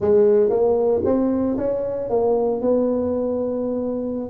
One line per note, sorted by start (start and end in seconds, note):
0.00 0.49 G#3
0.49 1.01 A#3
1.04 1.57 C4
1.57 2.09 C#4
2.09 2.61 A#3
2.61 4.29 B3